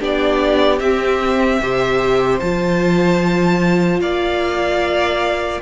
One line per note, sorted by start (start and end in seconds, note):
0.00 0.80 B3
0.00 0.80 D4
0.00 1.60 G4
0.00 0.79 D5
0.79 1.60 C4
0.79 1.61 C4
0.79 2.39 E5
1.60 2.40 C3
1.60 2.41 G4
1.60 4.02 C5
2.40 4.01 F3
2.40 5.62 F4
2.40 4.00 A5
4.00 5.61 A#3
4.00 5.62 D5
4.00 5.61 F5